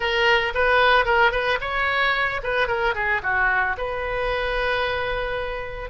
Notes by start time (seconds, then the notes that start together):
0.00 A#4
0.54 B4
1.05 A#4
1.31 B4
1.60 C#5
2.43 B4
2.67 A#4
2.95 G#4
3.22 F#4
3.77 B4